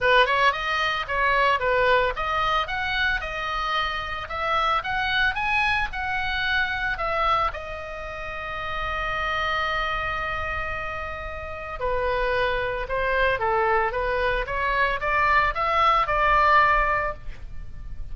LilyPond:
\new Staff \with { instrumentName = "oboe" } { \time 4/4 \tempo 4 = 112 b'8 cis''8 dis''4 cis''4 b'4 | dis''4 fis''4 dis''2 | e''4 fis''4 gis''4 fis''4~ | fis''4 e''4 dis''2~ |
dis''1~ | dis''2 b'2 | c''4 a'4 b'4 cis''4 | d''4 e''4 d''2 | }